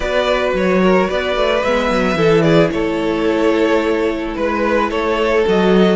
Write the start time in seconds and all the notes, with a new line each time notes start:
0.00 B3 F#4 B4 D5
0.53 F#3 C#5
0.82 A#4
1.08 B3 B4 D5
1.36 A3
1.63 G#3 B3 E5
1.90 F#3
2.14 E3 E4 A4
2.42 G#4 D5
2.71 A3 A4 C#5
4.35 G#3 B4
4.90 A3 A4 C#5
5.46 F#3 F#4 D#5